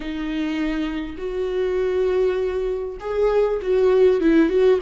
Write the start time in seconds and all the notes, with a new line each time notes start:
0.00 D#4
1.17 F#4
2.99 G#4
3.62 F#4
4.20 E4
4.49 F#4